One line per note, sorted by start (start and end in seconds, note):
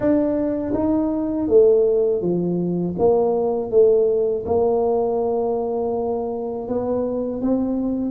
0.00 0.73 D4
0.74 1.47 D#4
1.47 2.21 A3
2.21 2.95 F3
2.98 3.70 A#3
3.70 4.44 A3
4.45 6.67 A#3
6.67 7.41 B3
7.41 8.11 C4